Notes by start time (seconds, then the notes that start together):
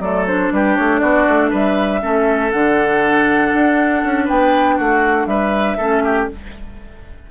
0.00 F#3 A3 A4 D5
0.28 D4 C5
0.52 G3 G4 B4
0.76 A3 C#5
1.00 B3 F#4 D5
1.28 A3
1.50 G3 B4 E5
2.01 A3 C#4 A4
2.52 D3 D4 F#5
3.54 D4
4.05 C#4
4.25 B3 B4 G5
4.77 A3 F#4 F#5
5.27 G3 B4 E5
5.78 A3 C#4 A4
6.05 G4